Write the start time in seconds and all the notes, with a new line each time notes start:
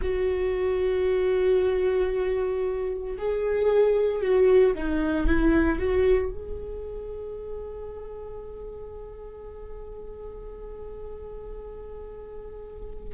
0.01 F#4
3.18 G#4
4.21 F#4
4.74 D#4
5.26 E4
5.78 F#4
6.30 G#4